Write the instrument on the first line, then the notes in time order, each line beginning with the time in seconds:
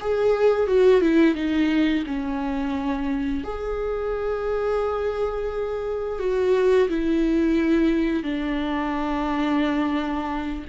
viola
0.00 G#4
0.67 F#4
1.01 E4
1.35 D#4
2.06 C#4
3.44 G#4
6.19 F#4
6.88 E4
8.23 D4